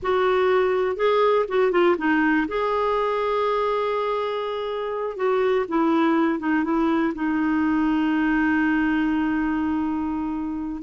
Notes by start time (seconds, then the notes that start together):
0.02 F#4
0.96 G#4
1.48 F#4
1.71 F4
1.98 D#4
2.47 G#4
5.16 F#4
5.68 E4
6.39 D#4
6.64 E4
7.14 D#4